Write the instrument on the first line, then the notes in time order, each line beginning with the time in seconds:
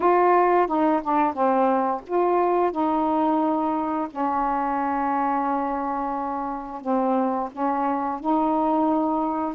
saxophone
0.00 F4
0.67 D#4
1.03 D4
1.33 C4
2.06 F4
2.71 D#4
4.10 C#4
6.81 C4
7.52 C#4
8.19 D#4